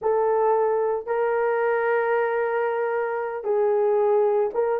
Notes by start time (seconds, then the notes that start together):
0.01 A4
1.06 A#4
3.43 G#4
4.53 A#4